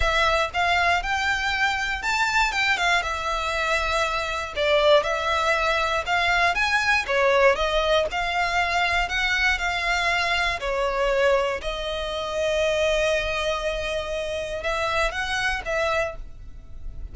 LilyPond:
\new Staff \with { instrumentName = "violin" } { \time 4/4 \tempo 4 = 119 e''4 f''4 g''2 | a''4 g''8 f''8 e''2~ | e''4 d''4 e''2 | f''4 gis''4 cis''4 dis''4 |
f''2 fis''4 f''4~ | f''4 cis''2 dis''4~ | dis''1~ | dis''4 e''4 fis''4 e''4 | }